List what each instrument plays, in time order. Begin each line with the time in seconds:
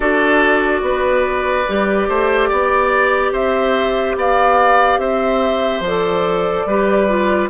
0.00 bassoon D4, clarinet F#4, oboe A4, flute D5
0.81 bassoon B3, oboe B4
1.67 bassoon G3, clarinet G4
2.08 bassoon A3, oboe C5
2.49 bassoon B3, oboe D5
3.31 bassoon C4, oboe C5, flute E5
4.15 bassoon B3, oboe D5, flute F5
4.98 bassoon C4, oboe C5, flute E5
5.80 bassoon F3, flute D5
5.86 clarinet A4
6.66 bassoon G3, clarinet G4, oboe B4
7.07 clarinet F4